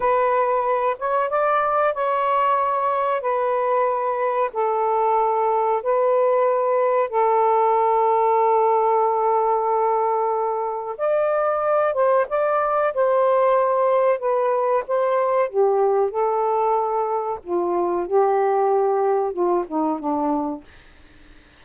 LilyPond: \new Staff \with { instrumentName = "saxophone" } { \time 4/4 \tempo 4 = 93 b'4. cis''8 d''4 cis''4~ | cis''4 b'2 a'4~ | a'4 b'2 a'4~ | a'1~ |
a'4 d''4. c''8 d''4 | c''2 b'4 c''4 | g'4 a'2 f'4 | g'2 f'8 dis'8 d'4 | }